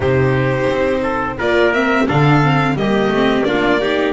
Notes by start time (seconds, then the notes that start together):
0.00 C3 D#4 G4 C5
0.69 C4
1.02 A4
1.37 A#3 F4 A#4 D5
1.73 C4 E5
2.07 D3 D4 A4 F5
2.42 C4
2.74 G3 A#3 G4 D#5
3.08 A3 C4
3.44 A#3 D4 F4 D5
3.80 D#4 G4